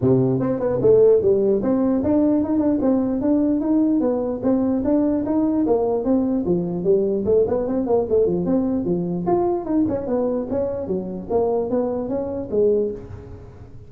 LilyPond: \new Staff \with { instrumentName = "tuba" } { \time 4/4 \tempo 4 = 149 c4 c'8 b8 a4 g4 | c'4 d'4 dis'8 d'8 c'4 | d'4 dis'4 b4 c'4 | d'4 dis'4 ais4 c'4 |
f4 g4 a8 b8 c'8 ais8 | a8 f8 c'4 f4 f'4 | dis'8 cis'8 b4 cis'4 fis4 | ais4 b4 cis'4 gis4 | }